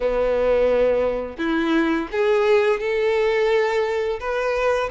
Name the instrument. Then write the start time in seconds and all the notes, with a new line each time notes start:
violin
0.00 B3
1.38 E4
2.11 G#4
2.79 A4
4.20 B4